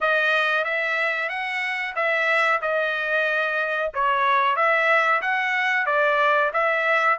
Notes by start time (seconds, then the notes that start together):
0.01 D#5
0.64 E5
1.29 F#5
1.95 E5
2.61 D#5
3.94 C#5
4.56 E5
5.21 F#5
5.86 D5
6.53 E5